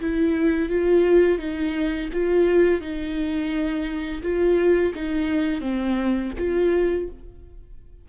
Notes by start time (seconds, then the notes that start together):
0.00 E4
0.69 F4
1.38 D#4
2.13 F4
2.80 D#4
4.22 F4
4.94 D#4
5.61 C4
6.38 F4